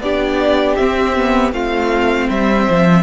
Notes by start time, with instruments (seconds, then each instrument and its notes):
0.00 cello B3, viola D4, violin G4 D5
0.75 viola C4, cello C4, violin E5
1.16 viola B3
1.52 cello A3, viola C4, violin F4 F5
2.28 cello G3, violin C5 E5
2.69 cello F3